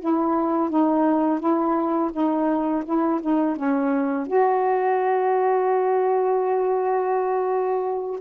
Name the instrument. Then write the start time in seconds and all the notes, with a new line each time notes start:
saxophone
0.00 E4
0.69 D#4
1.39 E4
2.12 D#4
2.84 E4
3.21 D#4
3.56 C#4
4.27 F#4